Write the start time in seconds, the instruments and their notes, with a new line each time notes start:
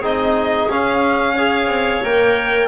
0.00 double bass C4, trombone D#4, clarinet G#4, violin D#5
0.68 double bass C#4, trombone C#4, violin F5
1.35 trombone G#4, clarinet C#5
1.67 double bass C4
2.04 double bass A#3, trombone A#4, violin G5